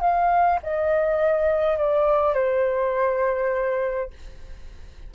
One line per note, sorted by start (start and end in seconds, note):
0.00 0.59 F5
0.63 1.78 D#5
1.78 2.34 D5
2.34 4.10 C5